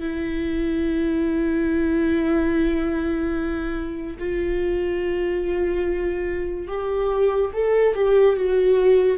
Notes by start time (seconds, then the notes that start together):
0.00 E4
4.19 F4
6.67 G4
7.53 A4
7.95 G4
8.36 F#4